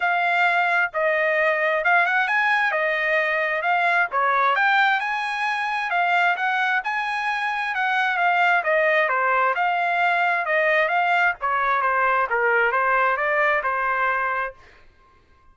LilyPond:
\new Staff \with { instrumentName = "trumpet" } { \time 4/4 \tempo 4 = 132 f''2 dis''2 | f''8 fis''8 gis''4 dis''2 | f''4 cis''4 g''4 gis''4~ | gis''4 f''4 fis''4 gis''4~ |
gis''4 fis''4 f''4 dis''4 | c''4 f''2 dis''4 | f''4 cis''4 c''4 ais'4 | c''4 d''4 c''2 | }